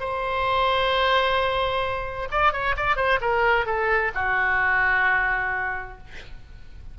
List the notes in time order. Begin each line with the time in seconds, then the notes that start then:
0.00 C5
2.31 D5
2.53 C#5
2.77 D5
2.97 C5
3.21 A#4
3.66 A4
4.15 F#4